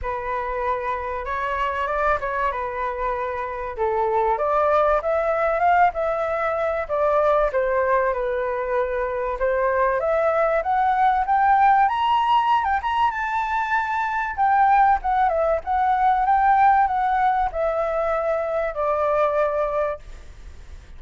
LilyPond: \new Staff \with { instrumentName = "flute" } { \time 4/4 \tempo 4 = 96 b'2 cis''4 d''8 cis''8 | b'2 a'4 d''4 | e''4 f''8 e''4. d''4 | c''4 b'2 c''4 |
e''4 fis''4 g''4 ais''4~ | ais''16 g''16 ais''8 a''2 g''4 | fis''8 e''8 fis''4 g''4 fis''4 | e''2 d''2 | }